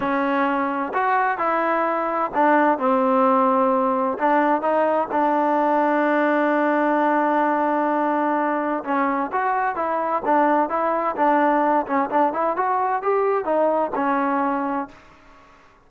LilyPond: \new Staff \with { instrumentName = "trombone" } { \time 4/4 \tempo 4 = 129 cis'2 fis'4 e'4~ | e'4 d'4 c'2~ | c'4 d'4 dis'4 d'4~ | d'1~ |
d'2. cis'4 | fis'4 e'4 d'4 e'4 | d'4. cis'8 d'8 e'8 fis'4 | g'4 dis'4 cis'2 | }